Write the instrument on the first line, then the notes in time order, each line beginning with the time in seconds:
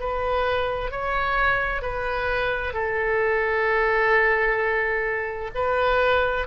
oboe
0.00 B4
0.91 C#5
1.82 B4
2.74 A4
5.55 B4